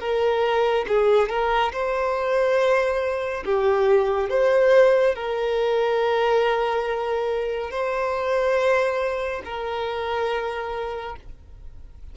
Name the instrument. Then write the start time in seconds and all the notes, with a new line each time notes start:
violin
0.00 A#4
0.88 G#4
1.29 A#4
1.72 C5
3.45 G4
4.29 C5
5.15 A#4
7.70 C5
9.44 A#4